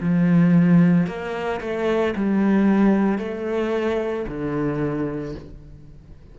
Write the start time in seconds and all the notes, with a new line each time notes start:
0.00 F3
1.07 A#3
1.61 A3
2.16 G3
3.18 A3
4.28 D3